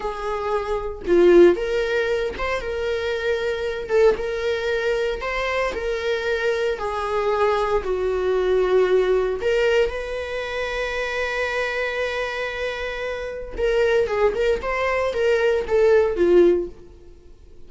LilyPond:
\new Staff \with { instrumentName = "viola" } { \time 4/4 \tempo 4 = 115 gis'2 f'4 ais'4~ | ais'8 c''8 ais'2~ ais'8 a'8 | ais'2 c''4 ais'4~ | ais'4 gis'2 fis'4~ |
fis'2 ais'4 b'4~ | b'1~ | b'2 ais'4 gis'8 ais'8 | c''4 ais'4 a'4 f'4 | }